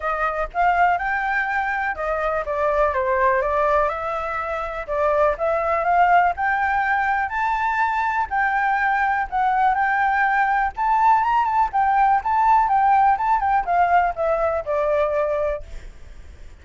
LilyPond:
\new Staff \with { instrumentName = "flute" } { \time 4/4 \tempo 4 = 123 dis''4 f''4 g''2 | dis''4 d''4 c''4 d''4 | e''2 d''4 e''4 | f''4 g''2 a''4~ |
a''4 g''2 fis''4 | g''2 a''4 ais''8 a''8 | g''4 a''4 g''4 a''8 g''8 | f''4 e''4 d''2 | }